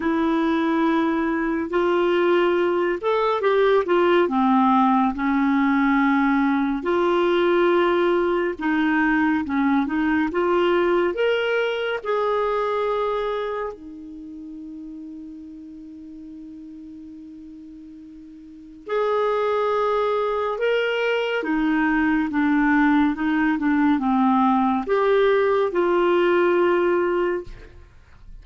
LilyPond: \new Staff \with { instrumentName = "clarinet" } { \time 4/4 \tempo 4 = 70 e'2 f'4. a'8 | g'8 f'8 c'4 cis'2 | f'2 dis'4 cis'8 dis'8 | f'4 ais'4 gis'2 |
dis'1~ | dis'2 gis'2 | ais'4 dis'4 d'4 dis'8 d'8 | c'4 g'4 f'2 | }